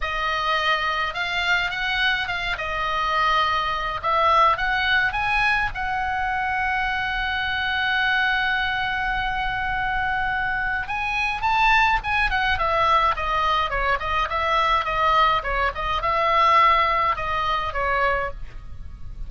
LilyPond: \new Staff \with { instrumentName = "oboe" } { \time 4/4 \tempo 4 = 105 dis''2 f''4 fis''4 | f''8 dis''2~ dis''8 e''4 | fis''4 gis''4 fis''2~ | fis''1~ |
fis''2. gis''4 | a''4 gis''8 fis''8 e''4 dis''4 | cis''8 dis''8 e''4 dis''4 cis''8 dis''8 | e''2 dis''4 cis''4 | }